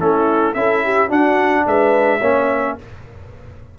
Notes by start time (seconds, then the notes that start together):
0.00 A3 C#4 E4 A4
0.54 C#4 E4 A4 E5
0.85 G4
1.08 D4 F#4 F#5
1.67 G#3 B4 E5
2.19 A#3 C#4 C#5